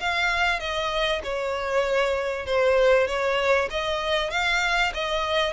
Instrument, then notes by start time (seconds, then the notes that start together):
violin
0.00 F5
0.60 D#5
1.23 C#5
2.46 C5
3.07 C#5
3.71 D#5
4.30 F5
4.94 D#5